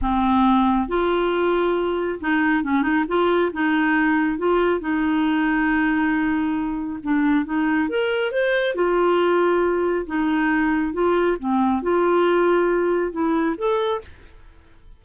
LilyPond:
\new Staff \with { instrumentName = "clarinet" } { \time 4/4 \tempo 4 = 137 c'2 f'2~ | f'4 dis'4 cis'8 dis'8 f'4 | dis'2 f'4 dis'4~ | dis'1 |
d'4 dis'4 ais'4 c''4 | f'2. dis'4~ | dis'4 f'4 c'4 f'4~ | f'2 e'4 a'4 | }